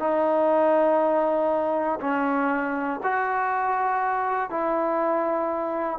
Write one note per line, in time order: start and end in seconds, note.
0.00 2.00 D#4
2.01 3.01 C#4
3.04 4.50 F#4
4.50 6.00 E4